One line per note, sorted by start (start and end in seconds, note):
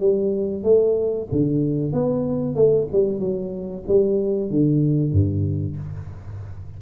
0.00 0.64 G3
0.64 1.28 A3
1.32 1.93 D3
1.93 2.56 B3
2.56 2.88 A3
2.93 3.20 G3
3.20 3.84 F#3
3.88 4.50 G3
4.50 5.13 D3
5.13 5.77 G2